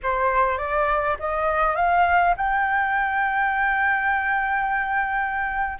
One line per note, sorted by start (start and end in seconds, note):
0.02 0.58 C5
0.58 1.17 D5
1.19 1.75 D#5
1.75 2.35 F5
2.36 5.78 G5